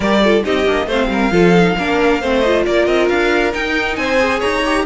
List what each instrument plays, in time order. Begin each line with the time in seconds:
0.00 cello G3, viola G4, violin A#4 D5
0.23 viola F4, violin A4
0.43 cello C4, viola D#4, violin G4 D#5
0.65 cello A#3, viola D4
0.85 cello A3, viola C4, violin C5 F5
1.08 cello G3, violin A#4
1.31 cello F3, viola F4, violin A4
1.54 viola D#4
1.78 cello A#3, viola D4, violin A#4
2.21 cello A3, viola C4, violin C5
2.40 viola F4, violin D#5
2.65 cello A#3, violin A#4 D5
2.86 cello C4, violin D#5
3.08 cello D4, violin F5
3.52 viola D#4, cello D#4, violin G5
3.96 cello C4, violin C5 G#5
4.18 viola G#4
4.39 cello D#4, violin C#5 A#5
4.65 viola G4